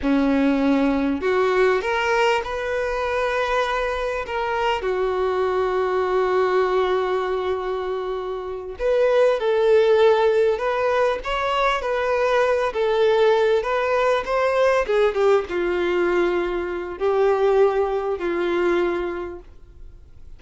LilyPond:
\new Staff \with { instrumentName = "violin" } { \time 4/4 \tempo 4 = 99 cis'2 fis'4 ais'4 | b'2. ais'4 | fis'1~ | fis'2~ fis'8 b'4 a'8~ |
a'4. b'4 cis''4 b'8~ | b'4 a'4. b'4 c''8~ | c''8 gis'8 g'8 f'2~ f'8 | g'2 f'2 | }